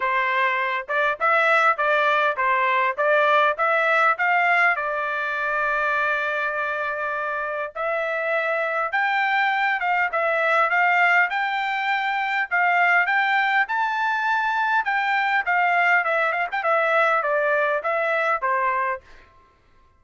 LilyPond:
\new Staff \with { instrumentName = "trumpet" } { \time 4/4 \tempo 4 = 101 c''4. d''8 e''4 d''4 | c''4 d''4 e''4 f''4 | d''1~ | d''4 e''2 g''4~ |
g''8 f''8 e''4 f''4 g''4~ | g''4 f''4 g''4 a''4~ | a''4 g''4 f''4 e''8 f''16 g''16 | e''4 d''4 e''4 c''4 | }